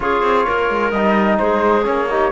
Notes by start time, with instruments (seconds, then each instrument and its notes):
0.00 cello C#4, trombone F4, clarinet G#4, flute C#5
0.22 cello C4
0.45 cello A#3, clarinet A#4
0.69 cello G#3
0.90 cello G3, trombone D#4, flute D#5
1.38 cello G#3, clarinet G#4, flute C5
1.83 cello A#3, trombone C#4, flute C#5
2.09 trombone D#4, clarinet G4